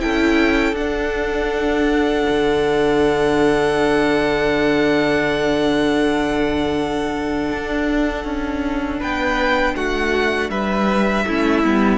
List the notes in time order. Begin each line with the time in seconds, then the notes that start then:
0.00 C#4 E4 A4 G5
0.73 D4 F#5
2.29 D3
7.52 D4
8.25 C#4
9.00 B3 B4 G5
9.75 A3 F#4 F#5
10.50 G3 B4 E5
11.27 A3 C#4 E4
11.64 G3 B3